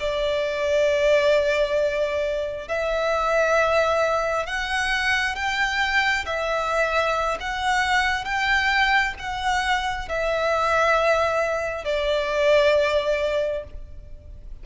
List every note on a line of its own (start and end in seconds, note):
0.00 2.68 D5
2.68 4.46 E5
4.46 5.36 F#5
5.36 6.25 G5
6.26 7.38 E5
7.40 8.25 F#5
8.25 9.15 G5
9.19 10.09 F#5
10.09 11.85 E5
11.85 13.64 D5